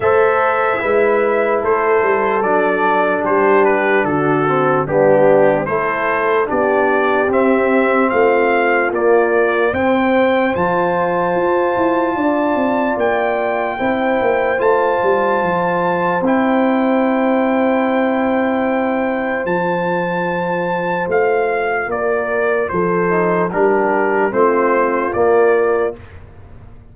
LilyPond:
<<
  \new Staff \with { instrumentName = "trumpet" } { \time 4/4 \tempo 4 = 74 e''2 c''4 d''4 | c''8 b'8 a'4 g'4 c''4 | d''4 e''4 f''4 d''4 | g''4 a''2. |
g''2 a''2 | g''1 | a''2 f''4 d''4 | c''4 ais'4 c''4 d''4 | }
  \new Staff \with { instrumentName = "horn" } { \time 4/4 c''4 b'4 a'2 | g'4 fis'4 d'4 a'4 | g'2 f'2 | c''2. d''4~ |
d''4 c''2.~ | c''1~ | c''2. ais'4 | a'4 g'4 f'2 | }
  \new Staff \with { instrumentName = "trombone" } { \time 4/4 a'4 e'2 d'4~ | d'4. c'8 b4 e'4 | d'4 c'2 ais4 | c'4 f'2.~ |
f'4 e'4 f'2 | e'1 | f'1~ | f'8 dis'8 d'4 c'4 ais4 | }
  \new Staff \with { instrumentName = "tuba" } { \time 4/4 a4 gis4 a8 g8 fis4 | g4 d4 g4 a4 | b4 c'4 a4 ais4 | c'4 f4 f'8 e'8 d'8 c'8 |
ais4 c'8 ais8 a8 g8 f4 | c'1 | f2 a4 ais4 | f4 g4 a4 ais4 | }
>>